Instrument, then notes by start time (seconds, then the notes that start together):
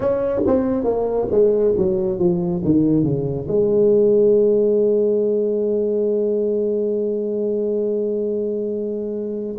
tuba
0.00 C#4
0.46 C4
0.84 A#3
1.30 G#3
1.77 F#3
2.18 F3
2.64 D#3
3.03 C#3
3.47 G#3